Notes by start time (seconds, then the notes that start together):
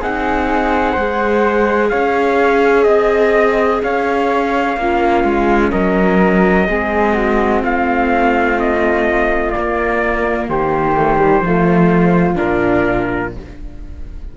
0.00 C4 D#4 G#4 F#5
0.92 G#3 G#4 C5
1.89 C#4 C#5 F5
2.83 C4 D#5
3.83 C#4 C#5 F5
4.77 A#3 C#4 F4
5.24 G#3
5.71 F#3 A#4 D#5
6.67 G#3 C4 G#4
7.13 F#4
7.62 A3 F4 F5
8.59 D#5
9.50 A#3 D5
9.57 A#3
10.48 D#3 G4 C5
10.97 A3
11.18 G3
11.40 F3 A3 F4
12.35 D4 A#4
12.41 A#2